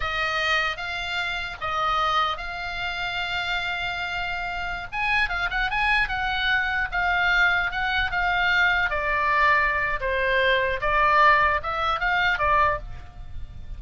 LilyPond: \new Staff \with { instrumentName = "oboe" } { \time 4/4 \tempo 4 = 150 dis''2 f''2 | dis''2 f''2~ | f''1~ | f''16 gis''4 f''8 fis''8 gis''4 fis''8.~ |
fis''4~ fis''16 f''2 fis''8.~ | fis''16 f''2 d''4.~ d''16~ | d''4 c''2 d''4~ | d''4 e''4 f''4 d''4 | }